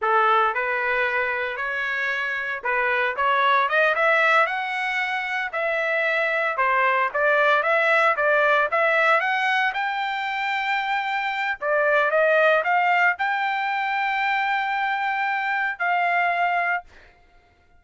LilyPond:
\new Staff \with { instrumentName = "trumpet" } { \time 4/4 \tempo 4 = 114 a'4 b'2 cis''4~ | cis''4 b'4 cis''4 dis''8 e''8~ | e''8 fis''2 e''4.~ | e''8 c''4 d''4 e''4 d''8~ |
d''8 e''4 fis''4 g''4.~ | g''2 d''4 dis''4 | f''4 g''2.~ | g''2 f''2 | }